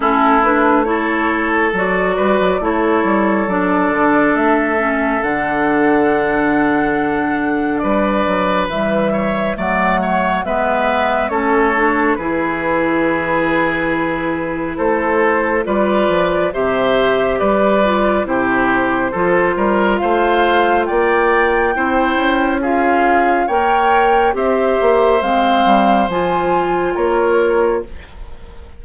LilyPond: <<
  \new Staff \with { instrumentName = "flute" } { \time 4/4 \tempo 4 = 69 a'8 b'8 cis''4 d''4 cis''4 | d''4 e''4 fis''2~ | fis''4 d''4 e''4 fis''4 | e''4 cis''4 b'2~ |
b'4 c''4 d''4 e''4 | d''4 c''2 f''4 | g''2 f''4 g''4 | e''4 f''4 gis''4 cis''4 | }
  \new Staff \with { instrumentName = "oboe" } { \time 4/4 e'4 a'4. b'8 a'4~ | a'1~ | a'4 b'4. cis''8 d''8 cis''8 | b'4 a'4 gis'2~ |
gis'4 a'4 b'4 c''4 | b'4 g'4 a'8 ais'8 c''4 | d''4 c''4 gis'4 cis''4 | c''2. ais'4 | }
  \new Staff \with { instrumentName = "clarinet" } { \time 4/4 cis'8 d'8 e'4 fis'4 e'4 | d'4. cis'8 d'2~ | d'2 g4 a4 | b4 cis'8 d'8 e'2~ |
e'2 f'4 g'4~ | g'8 f'8 e'4 f'2~ | f'4 e'4 f'4 ais'4 | g'4 c'4 f'2 | }
  \new Staff \with { instrumentName = "bassoon" } { \time 4/4 a2 fis8 g16 fis16 a8 g8 | fis8 d8 a4 d2~ | d4 g8 fis8 e4 fis4 | gis4 a4 e2~ |
e4 a4 g8 f8 c4 | g4 c4 f8 g8 a4 | ais4 c'8 cis'4. ais4 | c'8 ais8 gis8 g8 f4 ais4 | }
>>